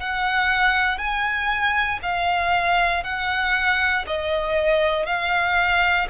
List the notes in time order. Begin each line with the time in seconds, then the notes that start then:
0.00 F#5
0.98 G#5
2.03 F5
3.04 F#5
4.07 D#5
5.06 F5